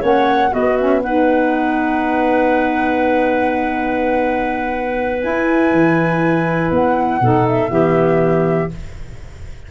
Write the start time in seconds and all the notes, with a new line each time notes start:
0.00 A#3 C#4 C#5 F#5
0.51 B3 F#4 D#5
0.77 C#4 E5
1.02 D#4 B4 F#5
5.22 E4 G#5
5.72 E3
6.71 B3 F#5
7.21 B2 D#4 A4
7.47 E5
7.69 E3 B3 G4